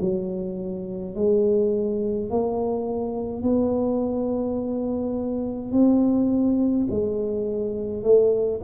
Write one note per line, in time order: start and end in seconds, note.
0.00 1.15 F#3
1.15 2.30 G#3
2.30 3.42 A#3
3.42 5.72 B3
5.72 6.87 C4
6.90 8.02 G#3
8.02 8.60 A3